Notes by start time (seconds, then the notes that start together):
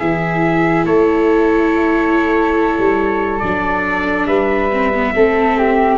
0.00 E3 E4 G#4 E5
0.85 A3 A4 C#5
2.79 G3
3.40 F#3 D4 D5
4.26 G3 B4 E5
4.72 C4
4.94 B3
5.15 A3 C4 A4
5.58 G4